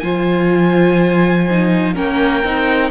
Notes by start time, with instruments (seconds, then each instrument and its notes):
0.00 cello F3, viola F4, violin C5 G#5
1.50 viola D#4
1.94 cello A#3, viola C#4, violin A#4 G5
2.43 cello C4, viola D#4